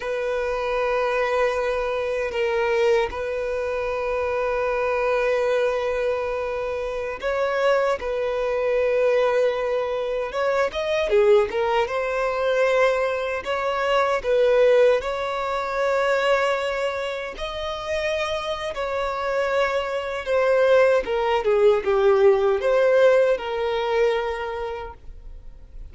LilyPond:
\new Staff \with { instrumentName = "violin" } { \time 4/4 \tempo 4 = 77 b'2. ais'4 | b'1~ | b'4~ b'16 cis''4 b'4.~ b'16~ | b'4~ b'16 cis''8 dis''8 gis'8 ais'8 c''8.~ |
c''4~ c''16 cis''4 b'4 cis''8.~ | cis''2~ cis''16 dis''4.~ dis''16 | cis''2 c''4 ais'8 gis'8 | g'4 c''4 ais'2 | }